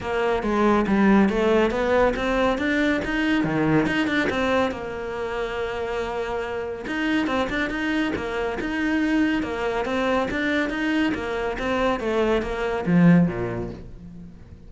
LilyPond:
\new Staff \with { instrumentName = "cello" } { \time 4/4 \tempo 4 = 140 ais4 gis4 g4 a4 | b4 c'4 d'4 dis'4 | dis4 dis'8 d'8 c'4 ais4~ | ais1 |
dis'4 c'8 d'8 dis'4 ais4 | dis'2 ais4 c'4 | d'4 dis'4 ais4 c'4 | a4 ais4 f4 ais,4 | }